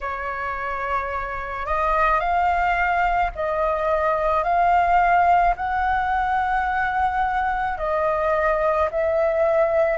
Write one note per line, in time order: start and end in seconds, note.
0.00 1.66 C#5
1.66 2.19 D#5
2.19 3.30 F5
3.35 4.43 D#5
4.43 5.54 F5
5.56 7.78 F#5
7.78 8.89 D#5
8.91 9.97 E5